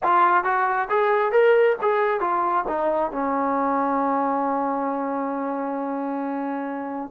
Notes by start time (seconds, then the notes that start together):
0.03 F4
0.43 F#4
0.89 G#4
1.32 A#4
1.81 G#4
2.20 F4
2.67 D#4
3.12 C#4